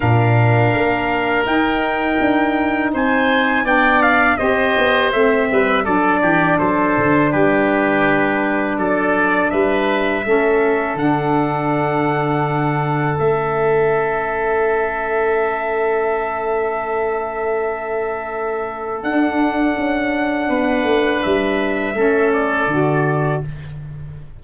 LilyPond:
<<
  \new Staff \with { instrumentName = "trumpet" } { \time 4/4 \tempo 4 = 82 f''2 g''2 | gis''4 g''8 f''8 dis''4 e''4 | d''4 c''4 b'2 | d''4 e''2 fis''4~ |
fis''2 e''2~ | e''1~ | e''2 fis''2~ | fis''4 e''4. d''4. | }
  \new Staff \with { instrumentName = "oboe" } { \time 4/4 ais'1 | c''4 d''4 c''4. b'8 | a'8 g'8 a'4 g'2 | a'4 b'4 a'2~ |
a'1~ | a'1~ | a'1 | b'2 a'2 | }
  \new Staff \with { instrumentName = "saxophone" } { \time 4/4 d'2 dis'2~ | dis'4 d'4 g'4 c'4 | d'1~ | d'2 cis'4 d'4~ |
d'2 cis'2~ | cis'1~ | cis'2 d'2~ | d'2 cis'4 fis'4 | }
  \new Staff \with { instrumentName = "tuba" } { \time 4/4 ais,4 ais4 dis'4 d'4 | c'4 b4 c'8 b8 a8 g8 | fis8 e8 fis8 d8 g2 | fis4 g4 a4 d4~ |
d2 a2~ | a1~ | a2 d'4 cis'4 | b8 a8 g4 a4 d4 | }
>>